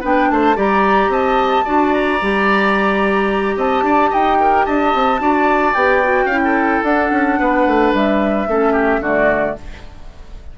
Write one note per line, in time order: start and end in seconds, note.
0.00 0.30 B3
0.00 0.55 D4
0.00 0.27 B4
0.00 0.31 G5
0.30 0.57 A3
0.30 0.56 C5
0.30 0.58 A5
0.55 1.08 G3
0.55 1.64 G4
0.55 1.11 D5
0.55 1.12 A#5
1.08 1.63 C4
1.08 1.65 D#5
1.08 1.94 A5
1.65 2.21 D4
1.65 2.20 F#4
1.65 3.56 D5
1.94 3.57 A#5
2.21 3.56 G3
2.21 5.19 G4
3.56 3.82 C4
3.56 3.84 D#5
3.56 4.13 A5
3.82 4.09 D4
3.82 4.10 D5
4.10 4.67 D#4
4.10 4.37 D#5
4.10 4.65 G5
4.40 4.66 A#4
4.65 4.94 D4
4.65 5.20 D#5
4.65 5.73 A5
4.94 5.20 C4
5.19 5.74 D4
5.19 5.73 F#4
5.19 6.25 D5
5.73 6.25 B3
5.73 6.03 G4
5.73 6.82 G5
6.04 6.31 F#4
6.25 6.80 C#4
6.25 6.39 F5
6.31 6.85 E4
6.44 7.40 A4
6.83 7.11 D4
6.83 8.48 D4
6.83 7.93 F#5
7.11 7.38 C#4
7.40 7.67 B3
7.40 8.49 B4
7.67 7.93 A3
7.93 8.47 G3
7.93 9.04 E5
8.47 9.00 A3
8.47 9.02 C#4
8.47 8.72 A4
8.72 9.00 G4
9.00 9.54 D3
9.00 9.57 A3
9.00 9.56 F#4
9.00 9.58 D5